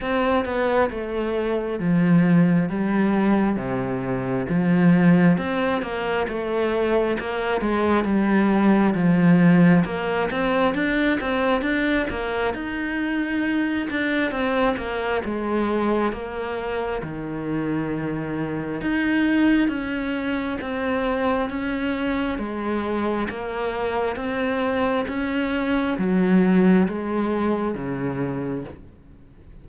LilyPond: \new Staff \with { instrumentName = "cello" } { \time 4/4 \tempo 4 = 67 c'8 b8 a4 f4 g4 | c4 f4 c'8 ais8 a4 | ais8 gis8 g4 f4 ais8 c'8 | d'8 c'8 d'8 ais8 dis'4. d'8 |
c'8 ais8 gis4 ais4 dis4~ | dis4 dis'4 cis'4 c'4 | cis'4 gis4 ais4 c'4 | cis'4 fis4 gis4 cis4 | }